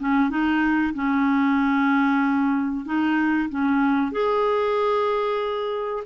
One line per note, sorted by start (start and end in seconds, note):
0.00 0.30 C#4
0.30 0.94 D#4
0.94 2.85 C#4
2.85 3.49 D#4
3.50 4.12 C#4
4.12 6.03 G#4